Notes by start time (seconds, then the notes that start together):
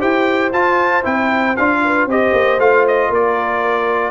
0.00 E4 G4 C5 G5
0.53 F4 A5
1.04 C4 E4 G5
1.57 D4 F4 F5
1.84 B4
2.06 C4 G4 C5 D#5
2.33 A#3
2.59 A3 F4 F5
2.87 D#5
3.10 A#3 A#4 D5